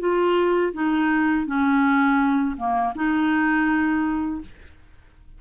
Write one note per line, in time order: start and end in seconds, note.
0.00 0.73 F4
0.74 1.47 D#4
1.47 2.56 C#4
2.57 2.94 A#3
2.96 4.42 D#4